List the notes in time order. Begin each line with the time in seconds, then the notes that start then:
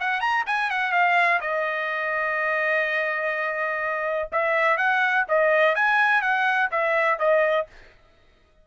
0.00 F#5
0.20 A#5
0.46 G#5
0.70 F#5
0.92 F5
1.41 D#5
4.32 E5
4.77 F#5
5.28 D#5
5.75 G#5
6.22 F#5
6.71 E5
7.19 D#5